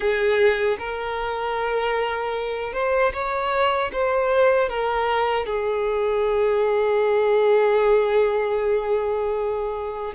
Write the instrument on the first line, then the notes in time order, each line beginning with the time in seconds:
violin
0.00 G#4
0.79 A#4
2.73 C5
3.13 C#5
3.92 C5
4.69 A#4
5.45 G#4